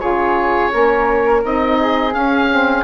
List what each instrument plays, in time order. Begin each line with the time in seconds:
0.00 bassoon C#3, saxophone F4, flute G#4, oboe C#5
0.72 bassoon A#3, saxophone C#4, flute A#4
1.44 bassoon C4, saxophone D#4, oboe D#5
1.81 flute G#4
2.11 saxophone C#4, bassoon C#4, oboe F5
2.51 saxophone C4